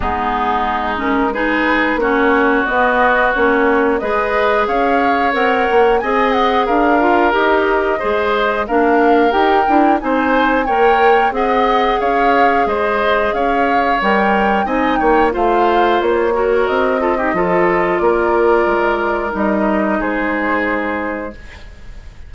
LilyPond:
<<
  \new Staff \with { instrumentName = "flute" } { \time 4/4 \tempo 4 = 90 gis'4. ais'8 b'4 cis''4 | dis''4 cis''4 dis''4 f''4 | fis''4 gis''8 fis''8 f''4 dis''4~ | dis''4 f''4 g''4 gis''4 |
g''4 fis''4 f''4 dis''4 | f''4 g''4 gis''8 g''8 f''4 | cis''4 dis''2 d''4~ | d''4 dis''4 c''2 | }
  \new Staff \with { instrumentName = "oboe" } { \time 4/4 dis'2 gis'4 fis'4~ | fis'2 b'4 cis''4~ | cis''4 dis''4 ais'2 | c''4 ais'2 c''4 |
cis''4 dis''4 cis''4 c''4 | cis''2 dis''8 cis''8 c''4~ | c''8 ais'4 a'16 g'16 a'4 ais'4~ | ais'2 gis'2 | }
  \new Staff \with { instrumentName = "clarinet" } { \time 4/4 b4. cis'8 dis'4 cis'4 | b4 cis'4 gis'2 | ais'4 gis'4. f'8 g'4 | gis'4 d'4 g'8 e'8 dis'4 |
ais'4 gis'2.~ | gis'4 ais'4 dis'4 f'4~ | f'8 fis'4 f'16 dis'16 f'2~ | f'4 dis'2. | }
  \new Staff \with { instrumentName = "bassoon" } { \time 4/4 gis2. ais4 | b4 ais4 gis4 cis'4 | c'8 ais8 c'4 d'4 dis'4 | gis4 ais4 dis'8 d'8 c'4 |
ais4 c'4 cis'4 gis4 | cis'4 g4 c'8 ais8 a4 | ais4 c'4 f4 ais4 | gis4 g4 gis2 | }
>>